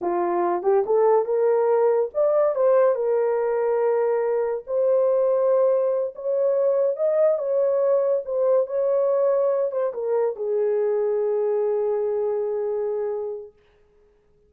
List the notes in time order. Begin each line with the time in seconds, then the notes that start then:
0.01 F4
0.63 G4
0.86 A4
1.25 A#4
2.14 D5
2.55 C5
2.95 A#4
4.66 C5
6.15 C#5
6.96 D#5
7.38 C#5
8.25 C5
8.66 C#5
9.71 C5
9.93 A#4
10.36 G#4